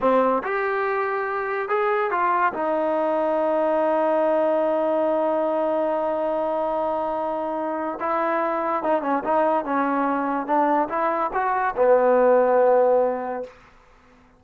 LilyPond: \new Staff \with { instrumentName = "trombone" } { \time 4/4 \tempo 4 = 143 c'4 g'2. | gis'4 f'4 dis'2~ | dis'1~ | dis'1~ |
dis'2. e'4~ | e'4 dis'8 cis'8 dis'4 cis'4~ | cis'4 d'4 e'4 fis'4 | b1 | }